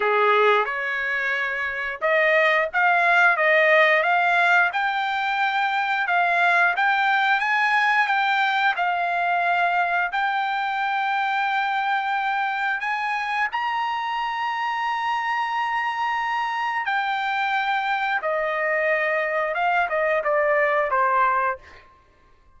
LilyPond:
\new Staff \with { instrumentName = "trumpet" } { \time 4/4 \tempo 4 = 89 gis'4 cis''2 dis''4 | f''4 dis''4 f''4 g''4~ | g''4 f''4 g''4 gis''4 | g''4 f''2 g''4~ |
g''2. gis''4 | ais''1~ | ais''4 g''2 dis''4~ | dis''4 f''8 dis''8 d''4 c''4 | }